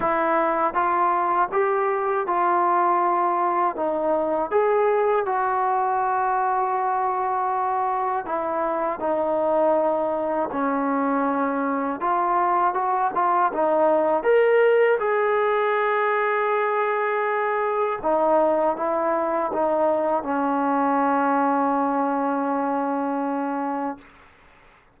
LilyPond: \new Staff \with { instrumentName = "trombone" } { \time 4/4 \tempo 4 = 80 e'4 f'4 g'4 f'4~ | f'4 dis'4 gis'4 fis'4~ | fis'2. e'4 | dis'2 cis'2 |
f'4 fis'8 f'8 dis'4 ais'4 | gis'1 | dis'4 e'4 dis'4 cis'4~ | cis'1 | }